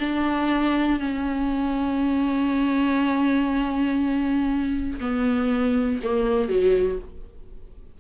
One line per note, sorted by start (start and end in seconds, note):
0.00 1.00 D4
1.00 5.00 C#4
5.00 6.00 B3
6.04 6.49 A#3
6.49 6.99 F#3